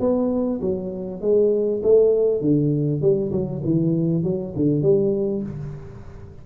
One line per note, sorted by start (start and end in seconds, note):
0.00 0.61 B3
0.61 1.21 F#3
1.21 1.82 G#3
1.83 2.41 A3
2.41 3.02 D3
3.02 3.32 G3
3.32 3.62 F#3
3.64 4.24 E3
4.24 4.54 F#3
4.57 4.82 D3
4.82 5.43 G3